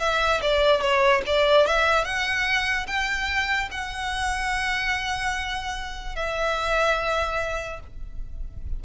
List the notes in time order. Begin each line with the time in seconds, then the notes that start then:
0.00 E5
0.42 D5
0.81 C#5
1.26 D5
1.67 E5
2.05 F#5
2.87 G5
3.72 F#5
6.16 E5